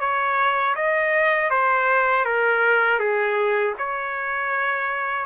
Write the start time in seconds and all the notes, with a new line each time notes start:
0.00 C#5
0.75 D#5
1.50 C5
2.25 A#4
2.99 G#4
3.78 C#5